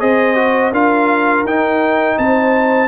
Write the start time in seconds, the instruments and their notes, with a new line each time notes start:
0.00 tuba C4, trombone G#4, horn C5, trumpet D#5
0.36 trombone F#4
0.72 tuba D4, trombone F4, horn A#4, trumpet F5
1.44 tuba D#4, trombone D#4, trumpet G5
2.18 tuba C4, horn C5, trumpet A5